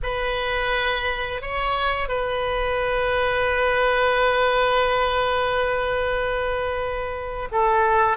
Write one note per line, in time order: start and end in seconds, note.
0.03 1.41 B4
1.41 2.08 C#5
2.08 7.48 B4
7.51 8.17 A4